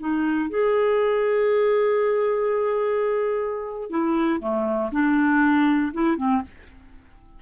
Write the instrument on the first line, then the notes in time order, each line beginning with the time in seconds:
clarinet
0.00 D#4
0.50 G#4
3.90 E4
4.40 A3
4.92 D4
5.93 E4
6.17 C4